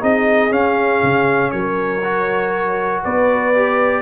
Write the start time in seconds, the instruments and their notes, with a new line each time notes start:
0.00 tuba C4, trombone D#4, horn G#4, trumpet D#5
0.50 trombone C#4, tuba C#4, trumpet F5
1.03 tuba C#3
1.51 tuba F#3, horn A#4, trumpet C#5
2.03 trombone F#4
3.03 tuba B3, horn B4, trumpet D5
3.55 trombone G4